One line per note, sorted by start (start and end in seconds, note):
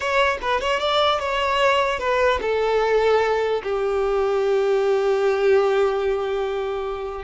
0.00 0.38 C#5
0.41 0.60 B4
0.60 0.79 C#5
0.79 1.19 D5
1.19 1.99 C#5
1.99 2.39 B4
2.41 3.61 A4
3.63 7.24 G4